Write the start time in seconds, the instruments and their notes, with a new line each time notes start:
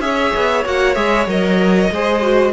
0.00 cello C#4, viola G#4, violin C#5 E5
0.36 cello B3
0.65 cello A#3, viola F#4, violin F#5
0.94 cello G#3, viola G#4, violin E5
1.27 cello F#3, viola A#4, violin D#5
1.90 cello G#3, viola G#4, violin C5
2.22 viola F#4